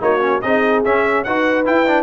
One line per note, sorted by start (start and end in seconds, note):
0.00 0.42 A#3
0.00 0.20 D#4
0.00 0.43 F#4
0.00 0.41 C#5
0.20 0.41 C#4
0.41 0.84 C4
0.41 0.85 D#4
0.41 1.25 G#4
0.41 0.83 D#5
0.85 1.26 C#4
0.85 1.24 E5
1.24 1.67 D#4
1.24 1.65 F#4
1.24 2.03 B4
1.24 1.65 F#5
1.65 1.86 E4
1.65 2.03 E4
1.65 2.03 G5
1.86 2.03 D4